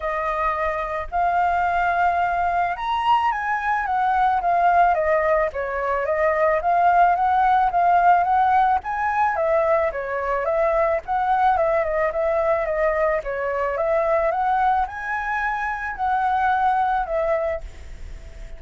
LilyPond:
\new Staff \with { instrumentName = "flute" } { \time 4/4 \tempo 4 = 109 dis''2 f''2~ | f''4 ais''4 gis''4 fis''4 | f''4 dis''4 cis''4 dis''4 | f''4 fis''4 f''4 fis''4 |
gis''4 e''4 cis''4 e''4 | fis''4 e''8 dis''8 e''4 dis''4 | cis''4 e''4 fis''4 gis''4~ | gis''4 fis''2 e''4 | }